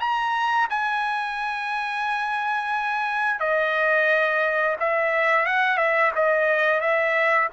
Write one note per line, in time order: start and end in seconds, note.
0.00 0.68 A#5
0.70 3.40 G#5
3.40 4.76 D#5
4.80 5.46 E5
5.46 5.78 F#5
5.78 6.12 E5
6.16 6.81 D#5
6.81 7.49 E5